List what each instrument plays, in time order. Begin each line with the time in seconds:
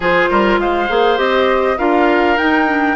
0.00 bassoon F3, clarinet F4, oboe G#4, flute C5
0.30 bassoon G3, oboe A#4
0.58 bassoon G#3, oboe C5, flute F5
0.89 bassoon A#3, clarinet G#4
1.17 bassoon C4, clarinet G4, flute D#5
1.78 bassoon D4, clarinet F4, oboe A#4, flute F5
2.37 clarinet D#4, bassoon D#4, flute G5
2.67 clarinet D4